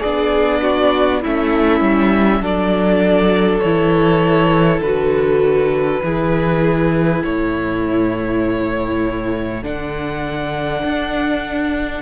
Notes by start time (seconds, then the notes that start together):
0.00 B3 D4 G#4 D5
0.61 F#4
1.21 A3 C#4 E4 E5
1.80 G3
2.40 F#3 D4 A4 D5
3.60 E3 E4 C#5
4.80 D3 F#4 B4
6.03 E3 E4 G#4
7.23 A2 A4 C#5
9.63 D3 D4 F#5
10.83 D4